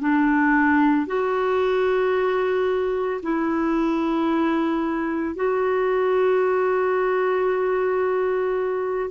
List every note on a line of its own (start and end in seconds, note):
0.00 1.07 D4
1.07 3.21 F#4
3.22 5.35 E4
5.35 9.10 F#4